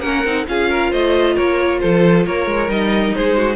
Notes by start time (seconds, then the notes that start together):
0.00 A#3 C#4 A#4 F#5
0.24 C4 D#4
0.47 C#4 F4 G#4 F5
0.70 A#4
0.90 A3 C5 D#5
1.35 A#3 A#4 C#5
1.80 F3 A4 C5
2.26 A#3 A#4 C#5
2.46 G#3
2.68 G3 D#4 D#5
3.15 G#3 G#4 C5
3.37 F#4